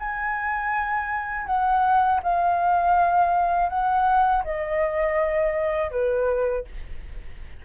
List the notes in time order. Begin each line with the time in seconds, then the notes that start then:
0.00 G#5
1.46 F#5
2.23 F5
3.69 F#5
4.44 D#5
5.91 B4